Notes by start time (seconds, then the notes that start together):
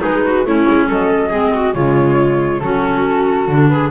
0.00 G#3 D#4 G#4 B4
0.25 F#4
0.45 A3 C#4 E4 C#5
0.69 G#3
0.88 F#3 A4 D#5
1.30 G#3 C4 G#4
1.54 F#4
1.74 C#3 G#3 F4 C#5
2.60 F#3 C#4 F#4 A4
3.48 D3 D4
3.68 G#4 B4